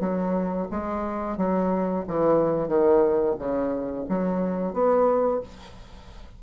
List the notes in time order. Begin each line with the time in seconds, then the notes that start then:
0.00 F#3
0.71 G#3
1.37 F#3
2.08 E3
2.68 D#3
3.39 C#3
4.09 F#3
4.73 B3